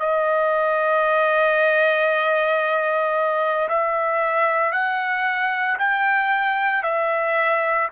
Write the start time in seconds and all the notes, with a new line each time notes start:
0.00 D#5
3.69 E5
4.73 F#5
5.79 G5
6.83 E5